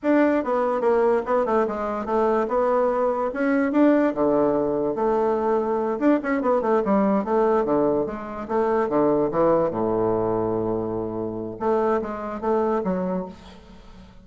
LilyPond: \new Staff \with { instrumentName = "bassoon" } { \time 4/4 \tempo 4 = 145 d'4 b4 ais4 b8 a8 | gis4 a4 b2 | cis'4 d'4 d2 | a2~ a8 d'8 cis'8 b8 |
a8 g4 a4 d4 gis8~ | gis8 a4 d4 e4 a,8~ | a,1 | a4 gis4 a4 fis4 | }